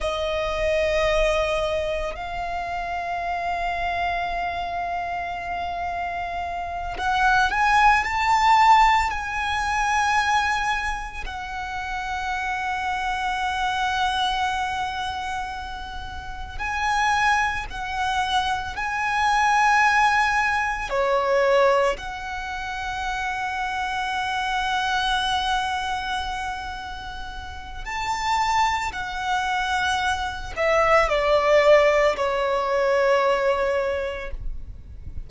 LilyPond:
\new Staff \with { instrumentName = "violin" } { \time 4/4 \tempo 4 = 56 dis''2 f''2~ | f''2~ f''8 fis''8 gis''8 a''8~ | a''8 gis''2 fis''4.~ | fis''2.~ fis''8 gis''8~ |
gis''8 fis''4 gis''2 cis''8~ | cis''8 fis''2.~ fis''8~ | fis''2 a''4 fis''4~ | fis''8 e''8 d''4 cis''2 | }